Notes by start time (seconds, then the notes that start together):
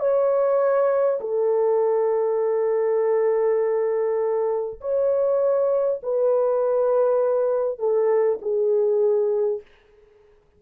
0.00 C#5
1.21 A4
4.81 C#5
6.03 B4
7.79 A4
8.42 G#4